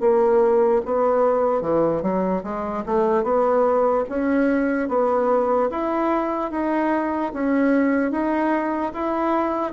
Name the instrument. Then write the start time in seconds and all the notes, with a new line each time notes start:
bassoon
0.00 A#3
0.85 B3
1.61 E3
2.02 F#3
2.43 G#3
2.85 A3
3.23 B3
4.09 C#4
4.88 B3
5.70 E4
6.51 D#4
7.33 C#4
8.11 D#4
8.93 E4